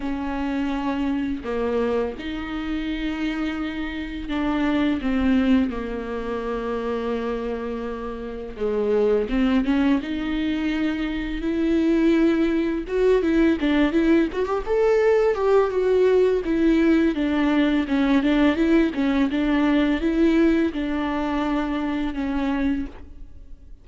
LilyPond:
\new Staff \with { instrumentName = "viola" } { \time 4/4 \tempo 4 = 84 cis'2 ais4 dis'4~ | dis'2 d'4 c'4 | ais1 | gis4 c'8 cis'8 dis'2 |
e'2 fis'8 e'8 d'8 e'8 | fis'16 g'16 a'4 g'8 fis'4 e'4 | d'4 cis'8 d'8 e'8 cis'8 d'4 | e'4 d'2 cis'4 | }